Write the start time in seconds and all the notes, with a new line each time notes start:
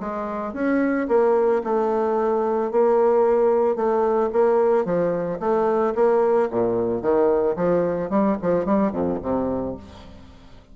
0.00 G#3
0.54 C#4
1.08 A#3
1.64 A3
2.72 A#3
3.76 A3
4.33 A#3
4.86 F3
5.40 A3
5.95 A#3
6.51 A#2
7.02 D#3
7.57 F3
8.10 G3
8.42 F3
8.66 G3
8.92 F2
9.22 C3